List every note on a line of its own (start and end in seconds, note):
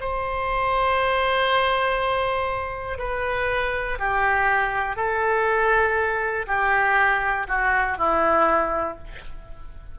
0.00 2.98 C5
2.98 3.98 B4
3.99 4.96 G4
4.96 6.46 A4
6.47 7.47 G4
7.47 7.97 F#4
7.98 8.98 E4